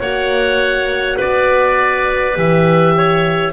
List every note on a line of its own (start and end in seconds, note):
0.00 1.18 A#3
0.00 2.35 F#4
0.00 1.17 C#5
0.00 1.18 F#5
1.17 2.37 B3
1.17 2.93 B4
1.17 2.38 D5
2.35 3.52 E3
2.35 3.52 G4
2.35 3.52 E5
2.97 3.52 C#5